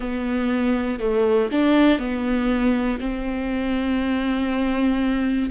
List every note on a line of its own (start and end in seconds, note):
0.00 0.99 B3
0.99 1.49 A3
1.51 1.98 D4
1.98 2.98 B3
3.00 5.50 C4